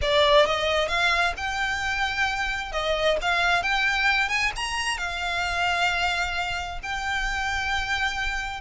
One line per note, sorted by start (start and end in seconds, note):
0.01 0.45 D5
0.45 0.88 D#5
0.88 1.33 F5
1.36 2.72 G5
2.72 3.17 D#5
3.21 3.62 F5
3.62 4.28 G5
4.28 4.51 G#5
4.56 4.97 A#5
4.97 6.79 F5
6.82 8.60 G5